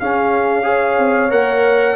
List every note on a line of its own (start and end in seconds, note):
0.00 0.63 C#4
0.00 0.99 C#4
0.00 0.66 G#4
0.00 1.32 F5
0.63 1.29 G#4
0.63 1.96 C#5
0.99 1.32 C4
1.30 1.96 A#3
1.30 1.96 A#4
1.30 1.96 F#5